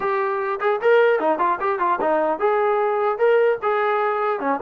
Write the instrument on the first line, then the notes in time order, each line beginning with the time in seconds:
trombone
0.00 G4
0.60 G#4
0.81 A#4
1.19 D#4
1.39 F4
1.60 G4
1.79 F4
2.01 D#4
2.39 G#4
3.18 A#4
3.62 G#4
4.39 C#4